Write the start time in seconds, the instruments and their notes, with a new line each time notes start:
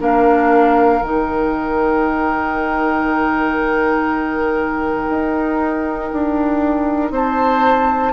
0.00 bassoon A#3, clarinet D4, oboe A#4, flute F5
1.02 bassoon D#3, clarinet D#4, flute G5
5.10 bassoon D#4
6.13 bassoon D4
7.11 bassoon C4, oboe C5, flute A5